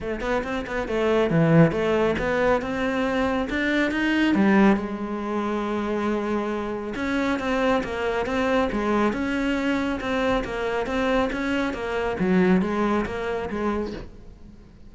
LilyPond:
\new Staff \with { instrumentName = "cello" } { \time 4/4 \tempo 4 = 138 a8 b8 c'8 b8 a4 e4 | a4 b4 c'2 | d'4 dis'4 g4 gis4~ | gis1 |
cis'4 c'4 ais4 c'4 | gis4 cis'2 c'4 | ais4 c'4 cis'4 ais4 | fis4 gis4 ais4 gis4 | }